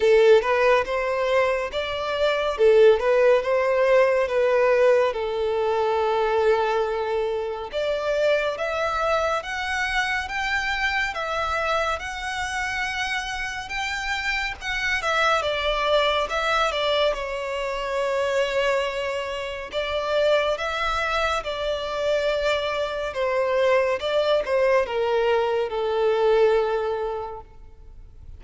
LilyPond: \new Staff \with { instrumentName = "violin" } { \time 4/4 \tempo 4 = 70 a'8 b'8 c''4 d''4 a'8 b'8 | c''4 b'4 a'2~ | a'4 d''4 e''4 fis''4 | g''4 e''4 fis''2 |
g''4 fis''8 e''8 d''4 e''8 d''8 | cis''2. d''4 | e''4 d''2 c''4 | d''8 c''8 ais'4 a'2 | }